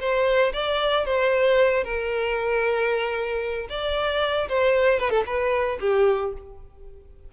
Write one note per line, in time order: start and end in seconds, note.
0.00 0.53 C5
0.53 1.05 D5
1.05 1.84 C5
1.84 3.68 A#4
3.69 4.48 D5
4.49 4.99 C5
4.99 5.10 B4
5.10 5.23 A4
5.26 5.79 B4
5.80 6.33 G4